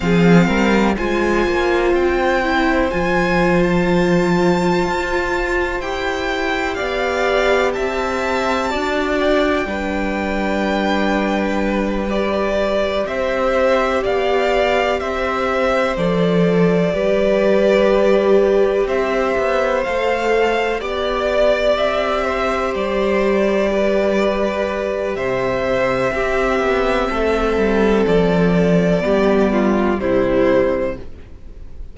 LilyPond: <<
  \new Staff \with { instrumentName = "violin" } { \time 4/4 \tempo 4 = 62 f''4 gis''4 g''4 gis''8. a''16~ | a''2 g''4 f''4 | a''4. g''2~ g''8~ | g''8 d''4 e''4 f''4 e''8~ |
e''8 d''2. e''8~ | e''8 f''4 d''4 e''4 d''8~ | d''2 e''2~ | e''4 d''2 c''4 | }
  \new Staff \with { instrumentName = "violin" } { \time 4/4 gis'8 ais'8 c''2.~ | c''2. d''4 | e''4 d''4 b'2~ | b'4. c''4 d''4 c''8~ |
c''4. b'2 c''8~ | c''4. d''4. c''4~ | c''8 b'4. c''4 g'4 | a'2 g'8 f'8 e'4 | }
  \new Staff \with { instrumentName = "viola" } { \time 4/4 c'4 f'4. e'8 f'4~ | f'2 g'2~ | g'4 fis'4 d'2~ | d'8 g'2.~ g'8~ |
g'8 a'4 g'2~ g'8~ | g'8 a'4 g'2~ g'8~ | g'2. c'4~ | c'2 b4 g4 | }
  \new Staff \with { instrumentName = "cello" } { \time 4/4 f8 g8 gis8 ais8 c'4 f4~ | f4 f'4 e'4 b4 | c'4 d'4 g2~ | g4. c'4 b4 c'8~ |
c'8 f4 g2 c'8 | b8 a4 b4 c'4 g8~ | g2 c4 c'8 b8 | a8 g8 f4 g4 c4 | }
>>